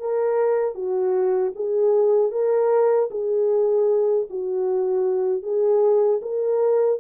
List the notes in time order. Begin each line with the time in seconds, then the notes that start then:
0.00 A#4
0.75 F#4
1.55 G#4
2.32 A#4
3.11 G#4
4.30 F#4
5.43 G#4
6.22 A#4